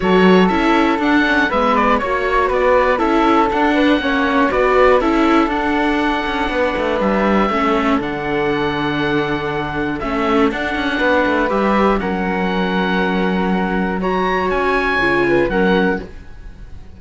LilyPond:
<<
  \new Staff \with { instrumentName = "oboe" } { \time 4/4 \tempo 4 = 120 cis''4 e''4 fis''4 e''8 d''8 | cis''4 d''4 e''4 fis''4~ | fis''4 d''4 e''4 fis''4~ | fis''2 e''2 |
fis''1 | e''4 fis''2 e''4 | fis''1 | ais''4 gis''2 fis''4 | }
  \new Staff \with { instrumentName = "flute" } { \time 4/4 a'2. b'4 | cis''4 b'4 a'4. b'8 | cis''4 b'4 a'2~ | a'4 b'2 a'4~ |
a'1~ | a'2 b'2 | ais'1 | cis''2~ cis''8 b'8 ais'4 | }
  \new Staff \with { instrumentName = "viola" } { \time 4/4 fis'4 e'4 d'8 cis'8 b4 | fis'2 e'4 d'4 | cis'4 fis'4 e'4 d'4~ | d'2. cis'4 |
d'1 | cis'4 d'2 g'4 | cis'1 | fis'2 f'4 cis'4 | }
  \new Staff \with { instrumentName = "cello" } { \time 4/4 fis4 cis'4 d'4 gis4 | ais4 b4 cis'4 d'4 | ais4 b4 cis'4 d'4~ | d'8 cis'8 b8 a8 g4 a4 |
d1 | a4 d'8 cis'8 b8 a8 g4 | fis1~ | fis4 cis'4 cis4 fis4 | }
>>